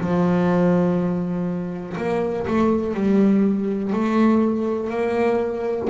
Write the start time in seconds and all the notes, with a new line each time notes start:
0.00 F3
1.97 A#3
2.47 A3
2.95 G3
3.93 A3
4.90 A#3